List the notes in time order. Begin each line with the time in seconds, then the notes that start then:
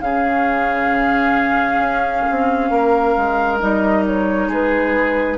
0.00 C#3 C#4 G#4 F5
1.78 C#4
2.30 C4
2.71 A#3 A#4
3.17 G#3
3.59 G3 D#4 D#5
4.06 C#5
4.48 G#3 G#4 B4